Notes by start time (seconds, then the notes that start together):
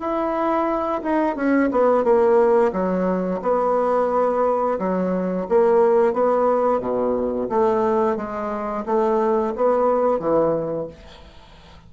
0.00 E4
1.03 D#4
1.36 C#4
1.72 B3
2.04 A#3
2.73 F#3
3.42 B3
4.79 F#3
5.49 A#3
6.14 B3
6.80 B2
7.50 A3
8.17 G#3
8.86 A3
9.56 B3
10.20 E3